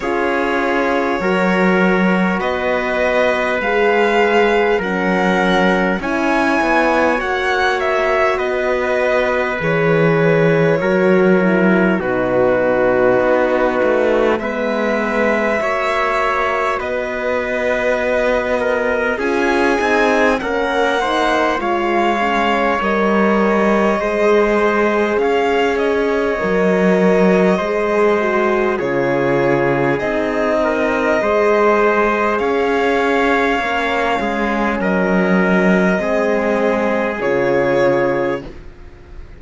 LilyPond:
<<
  \new Staff \with { instrumentName = "violin" } { \time 4/4 \tempo 4 = 50 cis''2 dis''4 f''4 | fis''4 gis''4 fis''8 e''8 dis''4 | cis''2 b'2 | e''2 dis''2 |
gis''4 fis''4 f''4 dis''4~ | dis''4 f''8 dis''2~ dis''8 | cis''4 dis''2 f''4~ | f''4 dis''2 cis''4 | }
  \new Staff \with { instrumentName = "trumpet" } { \time 4/4 gis'4 ais'4 b'2 | ais'4 cis''2 b'4~ | b'4 ais'4 fis'2 | b'4 cis''4 b'4. ais'8 |
gis'4 ais'8 c''8 cis''2 | c''4 cis''2 c''4 | gis'4. ais'8 c''4 cis''4~ | cis''8 gis'8 ais'4 gis'2 | }
  \new Staff \with { instrumentName = "horn" } { \time 4/4 f'4 fis'2 gis'4 | cis'4 e'4 fis'2 | gis'4 fis'8 e'8 dis'2 | b4 fis'2. |
f'8 dis'8 cis'8 dis'8 f'8 cis'8 ais'4 | gis'2 ais'4 gis'8 fis'8 | f'4 dis'4 gis'2 | cis'2 c'4 f'4 | }
  \new Staff \with { instrumentName = "cello" } { \time 4/4 cis'4 fis4 b4 gis4 | fis4 cis'8 b8 ais4 b4 | e4 fis4 b,4 b8 a8 | gis4 ais4 b2 |
cis'8 c'8 ais4 gis4 g4 | gis4 cis'4 fis4 gis4 | cis4 c'4 gis4 cis'4 | ais8 gis8 fis4 gis4 cis4 | }
>>